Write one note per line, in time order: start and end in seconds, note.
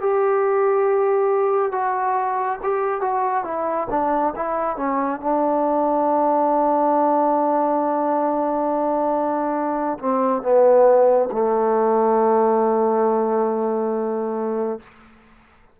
0.00 1.72 G4
1.72 2.58 F#4
2.63 3.01 G4
3.01 3.44 F#4
3.44 3.88 E4
3.90 4.34 D4
4.36 4.76 E4
4.76 5.20 C#4
5.20 9.98 D4
9.99 10.42 C4
10.42 11.29 B3
11.32 14.79 A3